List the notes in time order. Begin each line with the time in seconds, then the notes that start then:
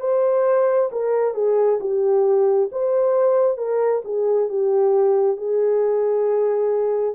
0.00 C5
0.92 A#4
1.34 G#4
1.80 G4
2.72 C5
3.57 A#4
4.04 G#4
4.49 G4
5.37 G#4